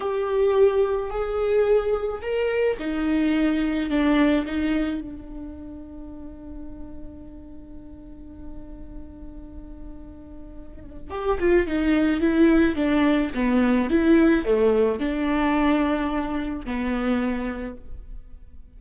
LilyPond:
\new Staff \with { instrumentName = "viola" } { \time 4/4 \tempo 4 = 108 g'2 gis'2 | ais'4 dis'2 d'4 | dis'4 d'2.~ | d'1~ |
d'1 | g'8 f'8 dis'4 e'4 d'4 | b4 e'4 a4 d'4~ | d'2 b2 | }